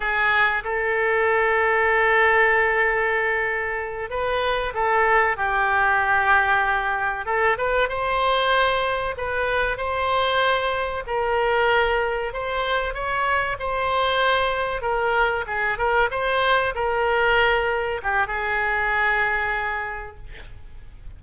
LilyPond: \new Staff \with { instrumentName = "oboe" } { \time 4/4 \tempo 4 = 95 gis'4 a'2.~ | a'2~ a'8 b'4 a'8~ | a'8 g'2. a'8 | b'8 c''2 b'4 c''8~ |
c''4. ais'2 c''8~ | c''8 cis''4 c''2 ais'8~ | ais'8 gis'8 ais'8 c''4 ais'4.~ | ais'8 g'8 gis'2. | }